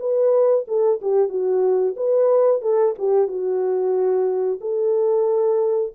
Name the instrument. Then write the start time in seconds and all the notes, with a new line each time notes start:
horn
0.00 B4
0.68 A4
1.02 G4
1.29 F#4
1.97 B4
2.62 A4
2.99 G4
3.28 F#4
4.62 A4